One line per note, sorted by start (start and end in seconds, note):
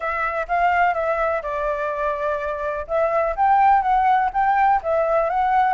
0.00 0.46 E5
0.48 0.93 F5
0.93 1.41 E5
1.42 2.86 D5
2.87 3.35 E5
3.36 3.82 G5
3.82 4.30 F#5
4.33 4.81 G5
4.82 5.29 E5
5.29 5.74 F#5